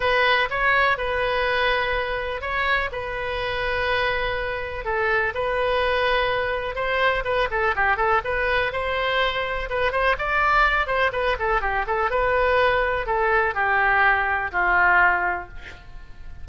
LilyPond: \new Staff \with { instrumentName = "oboe" } { \time 4/4 \tempo 4 = 124 b'4 cis''4 b'2~ | b'4 cis''4 b'2~ | b'2 a'4 b'4~ | b'2 c''4 b'8 a'8 |
g'8 a'8 b'4 c''2 | b'8 c''8 d''4. c''8 b'8 a'8 | g'8 a'8 b'2 a'4 | g'2 f'2 | }